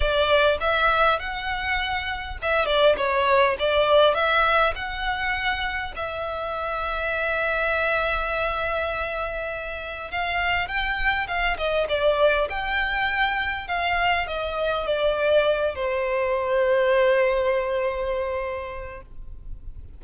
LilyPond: \new Staff \with { instrumentName = "violin" } { \time 4/4 \tempo 4 = 101 d''4 e''4 fis''2 | e''8 d''8 cis''4 d''4 e''4 | fis''2 e''2~ | e''1~ |
e''4 f''4 g''4 f''8 dis''8 | d''4 g''2 f''4 | dis''4 d''4. c''4.~ | c''1 | }